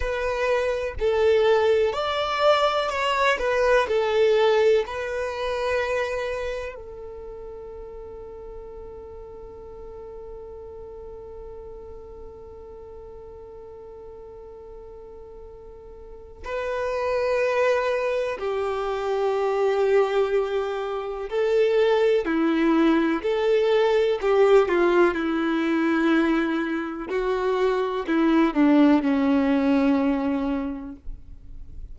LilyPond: \new Staff \with { instrumentName = "violin" } { \time 4/4 \tempo 4 = 62 b'4 a'4 d''4 cis''8 b'8 | a'4 b'2 a'4~ | a'1~ | a'1~ |
a'4 b'2 g'4~ | g'2 a'4 e'4 | a'4 g'8 f'8 e'2 | fis'4 e'8 d'8 cis'2 | }